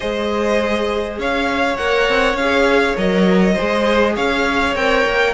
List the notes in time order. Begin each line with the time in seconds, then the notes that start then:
0.00 G#3 G#4 C5 D#5
1.18 C#4 C#5 F5
1.76 A#3 A#4 F#5
2.09 C4
2.34 C#4 G#4 F5
2.97 F#3 A#4 D#5
3.53 G#4 C5
3.60 G#3
4.15 C#4 C#5 F5
4.75 C4 A#4 G5
5.06 A#3